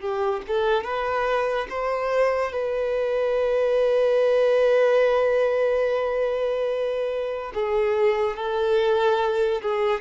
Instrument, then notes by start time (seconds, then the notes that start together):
violin
0.00 G4
0.47 A4
0.84 B4
1.70 C5
2.52 B4
7.54 G#4
8.36 A4
9.62 G#4